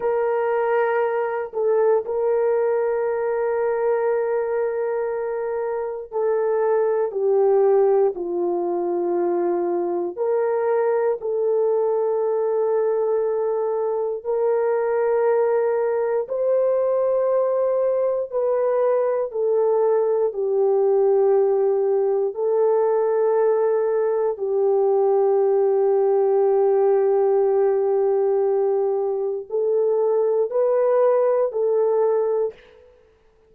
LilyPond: \new Staff \with { instrumentName = "horn" } { \time 4/4 \tempo 4 = 59 ais'4. a'8 ais'2~ | ais'2 a'4 g'4 | f'2 ais'4 a'4~ | a'2 ais'2 |
c''2 b'4 a'4 | g'2 a'2 | g'1~ | g'4 a'4 b'4 a'4 | }